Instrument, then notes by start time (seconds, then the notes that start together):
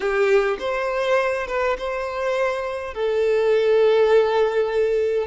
violin
0.00 G4
0.59 C5
1.47 B4
1.78 C5
2.94 A4